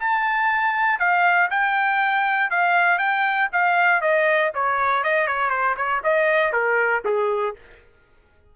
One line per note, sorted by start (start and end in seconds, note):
0.00 0.99 A5
0.99 1.50 F5
1.51 2.51 G5
2.51 2.99 F5
2.99 3.49 G5
3.53 4.01 F5
4.01 4.52 D#5
4.55 5.04 C#5
5.04 5.28 D#5
5.28 5.50 C#5
5.50 5.76 C5
5.77 6.02 C#5
6.04 6.53 D#5
6.53 7.03 A#4
7.05 7.56 G#4